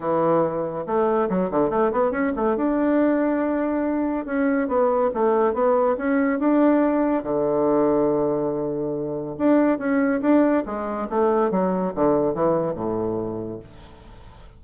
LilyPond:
\new Staff \with { instrumentName = "bassoon" } { \time 4/4 \tempo 4 = 141 e2 a4 fis8 d8 | a8 b8 cis'8 a8 d'2~ | d'2 cis'4 b4 | a4 b4 cis'4 d'4~ |
d'4 d2.~ | d2 d'4 cis'4 | d'4 gis4 a4 fis4 | d4 e4 a,2 | }